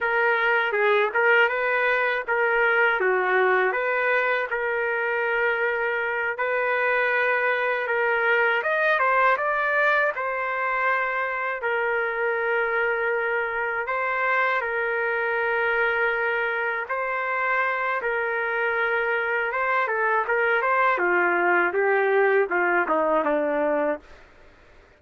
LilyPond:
\new Staff \with { instrumentName = "trumpet" } { \time 4/4 \tempo 4 = 80 ais'4 gis'8 ais'8 b'4 ais'4 | fis'4 b'4 ais'2~ | ais'8 b'2 ais'4 dis''8 | c''8 d''4 c''2 ais'8~ |
ais'2~ ais'8 c''4 ais'8~ | ais'2~ ais'8 c''4. | ais'2 c''8 a'8 ais'8 c''8 | f'4 g'4 f'8 dis'8 d'4 | }